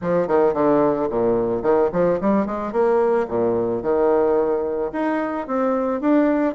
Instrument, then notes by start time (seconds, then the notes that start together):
bassoon
0.01 F3
0.27 D#3
0.53 D3
1.09 A#2
1.62 D#3
1.92 F3
2.20 G3
2.46 G#3
2.72 A#3
3.28 A#2
3.82 D#3
4.92 D#4
5.47 C4
6.00 D4